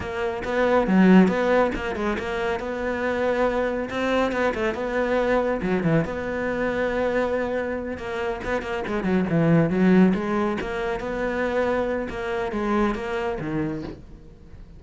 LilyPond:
\new Staff \with { instrumentName = "cello" } { \time 4/4 \tempo 4 = 139 ais4 b4 fis4 b4 | ais8 gis8 ais4 b2~ | b4 c'4 b8 a8 b4~ | b4 fis8 e8 b2~ |
b2~ b8 ais4 b8 | ais8 gis8 fis8 e4 fis4 gis8~ | gis8 ais4 b2~ b8 | ais4 gis4 ais4 dis4 | }